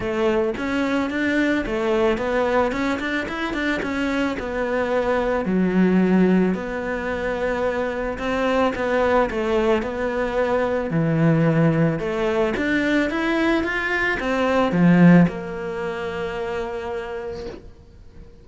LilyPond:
\new Staff \with { instrumentName = "cello" } { \time 4/4 \tempo 4 = 110 a4 cis'4 d'4 a4 | b4 cis'8 d'8 e'8 d'8 cis'4 | b2 fis2 | b2. c'4 |
b4 a4 b2 | e2 a4 d'4 | e'4 f'4 c'4 f4 | ais1 | }